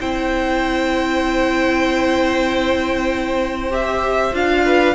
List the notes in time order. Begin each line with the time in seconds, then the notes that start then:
0.00 C4 E4 C5 G5
3.71 G4 E5
4.33 D4 F4 F5
4.66 B4